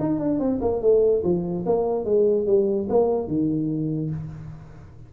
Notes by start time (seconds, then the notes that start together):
0.00 D#4
0.19 D4
0.40 C4
0.62 A#3
0.82 A3
1.24 F3
1.66 A#3
2.05 G#3
2.47 G3
2.89 A#3
3.28 D#3